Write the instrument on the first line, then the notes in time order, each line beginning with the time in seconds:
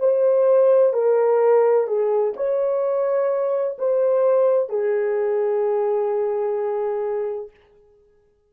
horn
0.00 C5
0.94 A#4
1.88 G#4
2.37 C#5
3.79 C5
4.70 G#4